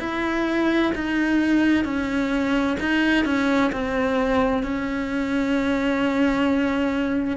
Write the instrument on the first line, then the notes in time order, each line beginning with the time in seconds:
cello
0.00 E4
0.95 D#4
1.85 C#4
2.80 D#4
3.25 C#4
3.72 C4
4.63 C#4